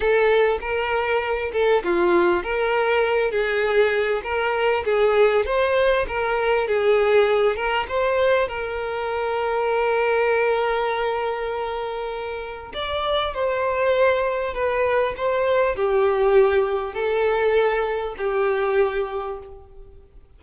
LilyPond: \new Staff \with { instrumentName = "violin" } { \time 4/4 \tempo 4 = 99 a'4 ais'4. a'8 f'4 | ais'4. gis'4. ais'4 | gis'4 c''4 ais'4 gis'4~ | gis'8 ais'8 c''4 ais'2~ |
ais'1~ | ais'4 d''4 c''2 | b'4 c''4 g'2 | a'2 g'2 | }